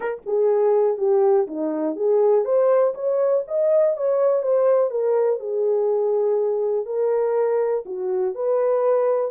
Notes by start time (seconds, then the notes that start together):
0.00 A#4
0.26 G#4
0.97 G4
1.47 D#4
1.96 G#4
2.45 C5
2.94 C#5
3.47 D#5
3.96 C#5
4.43 C5
4.90 A#4
5.39 G#4
6.85 A#4
7.85 F#4
8.35 B4